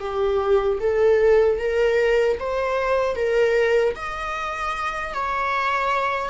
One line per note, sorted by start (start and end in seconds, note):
0.00 0.79 G4
0.81 1.59 A4
1.59 2.38 A#4
2.40 3.17 C5
3.17 3.95 A#4
3.95 5.14 D#5
5.14 6.30 C#5